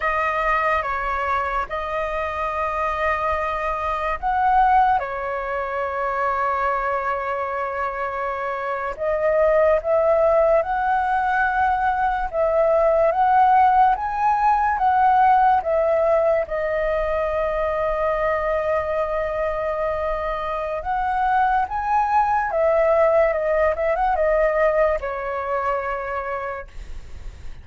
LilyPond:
\new Staff \with { instrumentName = "flute" } { \time 4/4 \tempo 4 = 72 dis''4 cis''4 dis''2~ | dis''4 fis''4 cis''2~ | cis''2~ cis''8. dis''4 e''16~ | e''8. fis''2 e''4 fis''16~ |
fis''8. gis''4 fis''4 e''4 dis''16~ | dis''1~ | dis''4 fis''4 gis''4 e''4 | dis''8 e''16 fis''16 dis''4 cis''2 | }